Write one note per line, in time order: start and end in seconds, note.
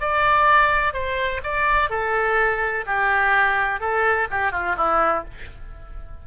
0.00 0.93 D5
0.93 1.41 C5
1.43 1.90 D5
1.90 2.85 A4
2.86 3.80 G4
3.80 4.28 A4
4.30 4.52 G4
4.52 4.75 F4
4.77 5.24 E4